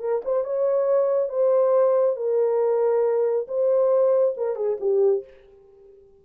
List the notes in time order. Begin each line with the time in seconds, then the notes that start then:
0.00 A#4
0.25 C5
0.44 C#5
1.29 C5
2.16 A#4
3.48 C5
4.37 A#4
4.56 G#4
4.80 G4